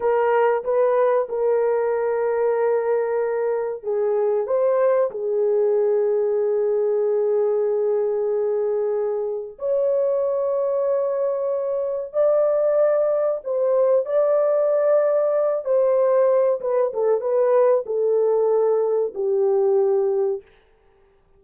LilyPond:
\new Staff \with { instrumentName = "horn" } { \time 4/4 \tempo 4 = 94 ais'4 b'4 ais'2~ | ais'2 gis'4 c''4 | gis'1~ | gis'2. cis''4~ |
cis''2. d''4~ | d''4 c''4 d''2~ | d''8 c''4. b'8 a'8 b'4 | a'2 g'2 | }